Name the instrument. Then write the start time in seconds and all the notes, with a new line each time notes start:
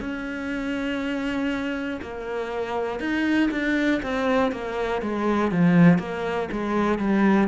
cello
0.00 C#4
2.02 A#3
3.00 D#4
3.51 D4
4.03 C4
4.52 A#3
5.02 G#3
5.52 F3
5.99 A#3
6.52 G#3
6.99 G3